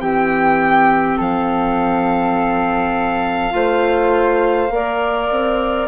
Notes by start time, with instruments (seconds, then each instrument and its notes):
0.00 bassoon E3, clarinet C4, flute G4, violin G5
1.17 bassoon F3, flute A4, violin F5
3.50 bassoon A3, clarinet F4, flute C5
4.70 bassoon A#3, clarinet A#4, flute D5
5.31 bassoon C4